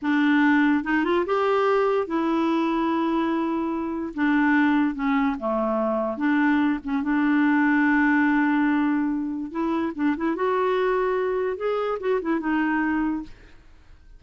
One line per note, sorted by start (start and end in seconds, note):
0.02 0.84 D4
0.84 1.04 D#4
1.04 1.25 F4
1.25 2.07 G4
2.07 4.13 E4
4.14 4.94 D4
4.94 5.36 C#4
5.39 6.17 A3
6.17 6.79 D4
6.84 7.03 C#4
7.03 9.51 D4
9.51 9.92 E4
9.95 10.15 D4
10.16 10.35 E4
10.35 11.57 F#4
11.57 11.98 G#4
11.99 12.20 F#4
12.21 12.40 E4
12.40 13.22 D#4